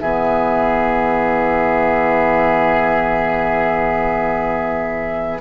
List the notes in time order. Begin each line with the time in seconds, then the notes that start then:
0.00 E3 B3 G#4 E5